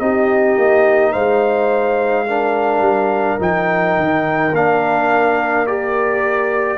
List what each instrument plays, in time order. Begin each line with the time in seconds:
0.00 tuba C4, trombone D#4, horn G4, trumpet D#5
0.58 tuba A#3
1.12 tuba G#3, horn C5, trumpet F5
2.27 trombone D4, horn A#4
2.80 tuba G3
3.39 tuba F3, trombone D#4, trumpet G5
3.99 tuba D#3
4.53 tuba A#3, trombone D4, trumpet F5
5.67 trombone G4, trumpet D5